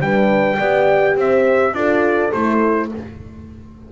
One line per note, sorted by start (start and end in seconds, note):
0.00 0.58 G3
0.00 0.59 D4
0.00 0.59 B4
0.00 1.17 G5
0.59 1.16 B3
0.59 1.74 G4
0.59 1.16 D5
1.16 1.74 C4
1.16 1.75 C5
1.16 1.75 E5
1.74 2.31 D4
1.74 2.32 F4
1.74 2.92 A4
1.74 2.32 D5
2.33 2.92 A3
2.33 2.91 E4
2.33 2.90 C5